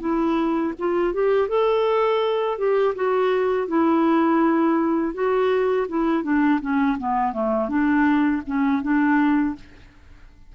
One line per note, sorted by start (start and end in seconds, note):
0.00 0.73 E4
0.79 1.14 F4
1.14 1.48 G4
1.48 2.58 A4
2.58 2.94 G4
2.95 3.68 F#4
3.68 5.14 E4
5.14 5.87 F#4
5.88 6.23 E4
6.23 6.60 D4
6.61 6.98 C#4
6.98 7.33 B3
7.33 7.69 A3
7.69 8.42 D4
8.46 8.82 C#4
8.82 9.56 D4